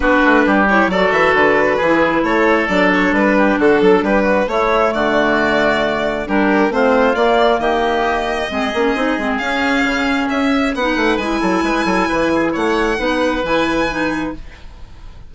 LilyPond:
<<
  \new Staff \with { instrumentName = "violin" } { \time 4/4 \tempo 4 = 134 b'4. cis''8 d''8 e''8 b'4~ | b'4 cis''4 d''8 cis''8 b'4 | a'4 b'4 cis''4 d''4~ | d''2 ais'4 c''4 |
d''4 dis''2.~ | dis''4 f''2 e''4 | fis''4 gis''2. | fis''2 gis''2 | }
  \new Staff \with { instrumentName = "oboe" } { \time 4/4 fis'4 g'4 a'2 | gis'4 a'2~ a'8 g'8 | fis'8 a'8 g'8 fis'8 e'4 fis'4~ | fis'2 g'4 f'4~ |
f'4 g'2 gis'4~ | gis'1 | b'4. a'8 b'8 a'8 b'8 gis'8 | cis''4 b'2. | }
  \new Staff \with { instrumentName = "clarinet" } { \time 4/4 d'4. e'8 fis'2 | e'2 d'2~ | d'2 a2~ | a2 d'4 c'4 |
ais2. c'8 cis'8 | dis'8 c'8 cis'2. | dis'4 e'2.~ | e'4 dis'4 e'4 dis'4 | }
  \new Staff \with { instrumentName = "bassoon" } { \time 4/4 b8 a8 g4 fis8 e8 d4 | e4 a4 fis4 g4 | d8 fis8 g4 a4 d4~ | d2 g4 a4 |
ais4 dis2 gis8 ais8 | c'8 gis8 cis'4 cis4 cis'4 | b8 a8 gis8 fis8 gis8 fis8 e4 | a4 b4 e2 | }
>>